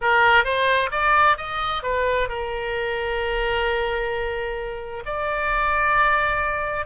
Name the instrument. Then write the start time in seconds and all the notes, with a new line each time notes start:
oboe
0.01 A#4
0.44 C5
0.91 D5
1.37 D#5
1.82 B4
2.29 A#4
5.05 D5